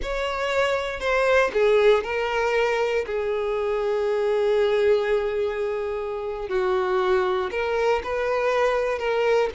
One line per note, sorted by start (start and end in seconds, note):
0.02 1.00 C#5
1.00 1.50 C5
1.53 2.03 G#4
2.03 3.05 A#4
3.06 6.48 G#4
6.48 7.50 F#4
7.51 8.02 A#4
8.03 8.99 B4
8.99 9.49 A#4